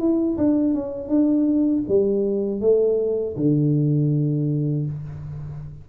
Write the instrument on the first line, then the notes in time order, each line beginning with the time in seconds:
tuba
0.00 E4
0.38 D4
0.75 C#4
1.09 D4
1.89 G3
2.61 A3
3.37 D3